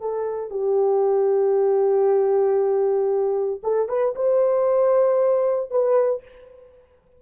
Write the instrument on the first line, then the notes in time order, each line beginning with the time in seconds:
horn
0.00 A4
0.50 G4
3.63 A4
3.89 B4
4.15 C5
5.70 B4